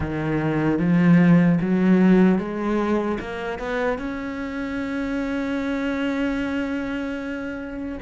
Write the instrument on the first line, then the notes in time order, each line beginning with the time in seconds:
cello
0.00 D#3
0.79 F3
1.60 F#3
2.38 G#3
3.20 A#3
3.58 B3
3.98 C#4